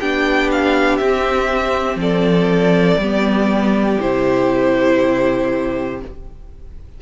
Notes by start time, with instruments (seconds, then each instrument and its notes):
0.00 cello B3, viola D4, violin G4 G5
0.52 violin F5
0.97 cello C4, viola C4, violin E5
1.96 cello F3, violin A4 D5
2.98 cello G3, viola B3, violin G4
4.01 cello C3, viola E4, violin C5